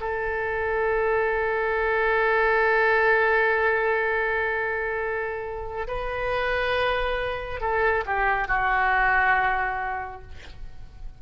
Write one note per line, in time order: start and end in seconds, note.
0.00 5.87 A4
5.87 7.60 B4
7.60 8.04 A4
8.06 8.48 G4
8.48 10.22 F#4